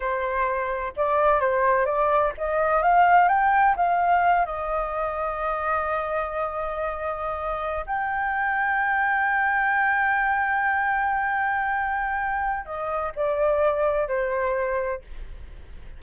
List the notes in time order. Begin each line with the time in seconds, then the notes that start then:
0.00 C5
0.96 D5
1.40 C5
1.85 D5
2.37 D#5
2.82 F5
3.28 G5
3.76 F5
4.45 D#5
7.86 G5
12.65 D#5
13.15 D5
14.08 C5